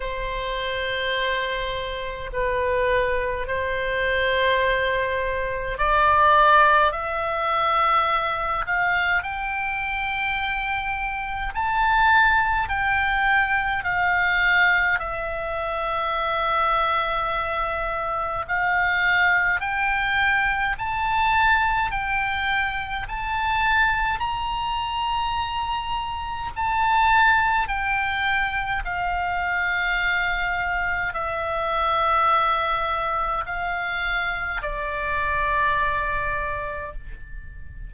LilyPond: \new Staff \with { instrumentName = "oboe" } { \time 4/4 \tempo 4 = 52 c''2 b'4 c''4~ | c''4 d''4 e''4. f''8 | g''2 a''4 g''4 | f''4 e''2. |
f''4 g''4 a''4 g''4 | a''4 ais''2 a''4 | g''4 f''2 e''4~ | e''4 f''4 d''2 | }